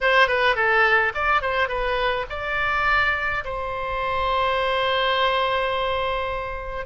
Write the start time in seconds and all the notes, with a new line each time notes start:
0.01 C5
0.27 B4
0.55 A4
1.14 D5
1.41 C5
1.68 B4
2.29 D5
3.44 C5